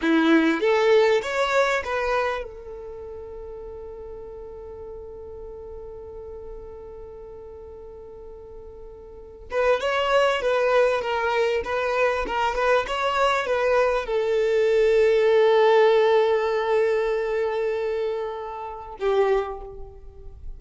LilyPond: \new Staff \with { instrumentName = "violin" } { \time 4/4 \tempo 4 = 98 e'4 a'4 cis''4 b'4 | a'1~ | a'1~ | a'2.~ a'8 b'8 |
cis''4 b'4 ais'4 b'4 | ais'8 b'8 cis''4 b'4 a'4~ | a'1~ | a'2. g'4 | }